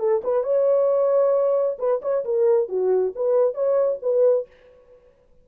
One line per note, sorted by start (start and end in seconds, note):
0.00 0.22 A4
0.24 0.44 B4
0.44 1.78 C#5
1.79 2.01 B4
2.02 2.24 C#5
2.25 2.69 A#4
2.69 3.14 F#4
3.16 3.55 B4
3.55 3.99 C#5
4.03 4.47 B4